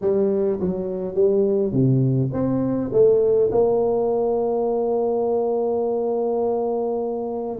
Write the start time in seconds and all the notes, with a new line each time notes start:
0.01 G3
0.60 F#3
1.14 G3
1.72 C3
2.32 C4
2.92 A3
3.51 A#3